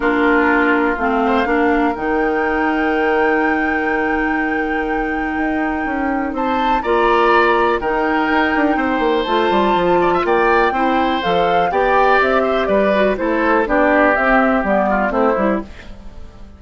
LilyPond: <<
  \new Staff \with { instrumentName = "flute" } { \time 4/4 \tempo 4 = 123 ais'2 f''2 | g''1~ | g''1~ | g''4 a''4 ais''2 |
g''2. a''4~ | a''4 g''2 f''4 | g''4 e''4 d''4 c''4 | d''4 e''4 d''4 c''4 | }
  \new Staff \with { instrumentName = "oboe" } { \time 4/4 f'2~ f'8 c''8 ais'4~ | ais'1~ | ais'1~ | ais'4 c''4 d''2 |
ais'2 c''2~ | c''8 d''16 e''16 d''4 c''2 | d''4. c''8 b'4 a'4 | g'2~ g'8 f'8 e'4 | }
  \new Staff \with { instrumentName = "clarinet" } { \time 4/4 d'2 c'4 d'4 | dis'1~ | dis'1~ | dis'2 f'2 |
dis'2. f'4~ | f'2 e'4 a'4 | g'2~ g'8 fis'8 e'4 | d'4 c'4 b4 c'8 e'8 | }
  \new Staff \with { instrumentName = "bassoon" } { \time 4/4 ais2 a4 ais4 | dis1~ | dis2. dis'4 | cis'4 c'4 ais2 |
dis4 dis'8 d'8 c'8 ais8 a8 g8 | f4 ais4 c'4 f4 | b4 c'4 g4 a4 | b4 c'4 g4 a8 g8 | }
>>